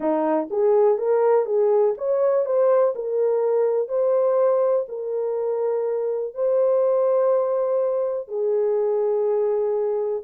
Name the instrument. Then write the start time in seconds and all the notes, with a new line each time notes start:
horn
0.00 D#4
0.50 G#4
0.98 A#4
1.45 G#4
1.97 C#5
2.45 C5
2.95 A#4
3.88 C5
4.88 A#4
6.34 C5
8.28 G#4